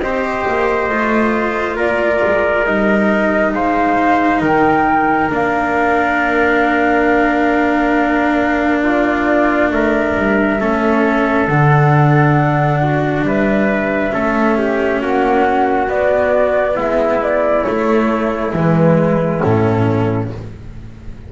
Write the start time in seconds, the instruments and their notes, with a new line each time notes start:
0.00 double bass C4, cello G4, trumpet C5, flute D#5
0.48 double bass A#3
0.89 double bass A3, cello F4
1.76 double bass A#3, trumpet A#4, flute D5
2.26 double bass G#3
2.65 double bass G3, cello D#4, flute D#5
3.53 double bass G#3, trumpet C5, flute F5
4.41 double bass D#3, trumpet A#4, flute G5
5.30 double bass A#3, cello D4, flute F5
8.83 trumpet F4, flute D5
9.72 double bass A3, trumpet A#4, flute E5
10.17 double bass G3
10.60 double bass A3, cello C#4, trumpet A4
11.48 double bass D3, cello D4, flute F#5
12.82 trumpet F#4
13.22 double bass G3, trumpet B4, flute E5
14.11 double bass A3, cello C#4, trumpet A4
14.58 trumpet G4
15.01 double bass A#3, trumpet F#4, flute F#5
15.88 double bass B3, cello B3, flute D5
16.75 double bass G#3, trumpet E4, flute E5
17.23 flute D5
17.64 cello A3, double bass A3, flute C#5
18.53 double bass E3, cello G#3, flute B4
19.41 double bass A2, cello C#4, flute A4